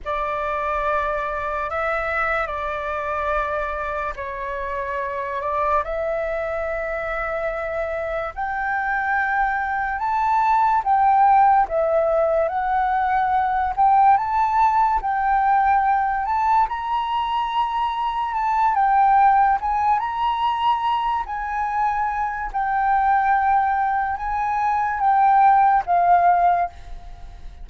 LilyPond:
\new Staff \with { instrumentName = "flute" } { \time 4/4 \tempo 4 = 72 d''2 e''4 d''4~ | d''4 cis''4. d''8 e''4~ | e''2 g''2 | a''4 g''4 e''4 fis''4~ |
fis''8 g''8 a''4 g''4. a''8 | ais''2 a''8 g''4 gis''8 | ais''4. gis''4. g''4~ | g''4 gis''4 g''4 f''4 | }